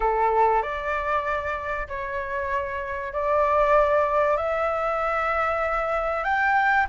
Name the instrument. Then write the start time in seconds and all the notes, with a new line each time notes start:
flute
0.00 A4
0.62 D5
1.88 C#5
3.12 D5
4.37 E5
6.23 G5